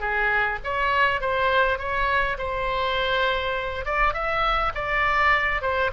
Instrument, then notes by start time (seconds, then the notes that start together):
oboe
0.00 G#4
0.64 C#5
1.21 C5
1.79 C#5
2.38 C5
3.85 D5
4.14 E5
4.75 D5
5.62 C5